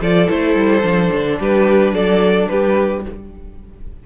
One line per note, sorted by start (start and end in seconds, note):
0.00 0.28 F3
0.00 0.27 F4
0.00 1.38 A4
0.00 0.29 D5
0.27 0.55 A3
0.27 0.82 E4
0.27 1.39 C5
0.55 0.82 G3
0.82 1.10 F3
0.82 3.02 D4
1.12 1.39 D3
1.39 1.92 G3
1.39 1.94 G4
1.39 1.94 B4
1.92 2.47 F#3
1.92 2.49 A4
1.92 2.48 D5
2.48 3.05 G3
2.48 3.06 G4
2.48 3.03 B4